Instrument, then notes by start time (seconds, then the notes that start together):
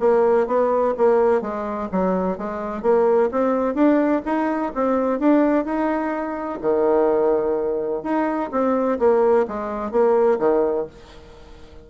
bassoon
0.00 A#3
0.47 B3
0.98 A#3
1.42 G#3
1.92 F#3
2.38 G#3
2.83 A#3
3.32 C4
3.75 D4
4.26 D#4
4.75 C4
5.20 D4
5.66 D#4
6.62 D#3
8.03 D#4
8.52 C4
9.00 A#3
9.48 G#3
9.92 A#3
10.40 D#3